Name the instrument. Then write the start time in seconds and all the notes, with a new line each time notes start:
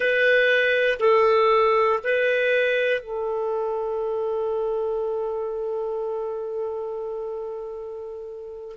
clarinet
0.00 B4
1.00 A4
2.03 B4
3.00 A4